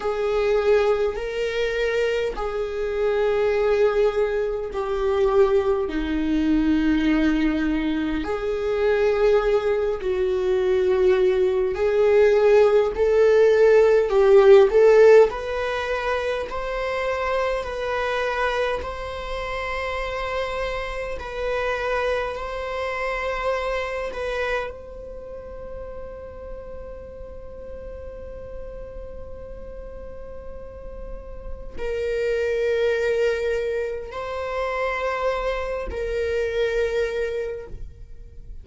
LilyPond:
\new Staff \with { instrumentName = "viola" } { \time 4/4 \tempo 4 = 51 gis'4 ais'4 gis'2 | g'4 dis'2 gis'4~ | gis'8 fis'4. gis'4 a'4 | g'8 a'8 b'4 c''4 b'4 |
c''2 b'4 c''4~ | c''8 b'8 c''2.~ | c''2. ais'4~ | ais'4 c''4. ais'4. | }